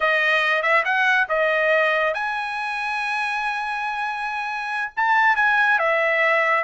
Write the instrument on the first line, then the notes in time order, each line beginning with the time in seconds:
trumpet
0.00 D#5
0.62 E5
0.85 F#5
1.28 D#5
2.14 G#5
4.96 A5
5.36 G#5
5.79 E5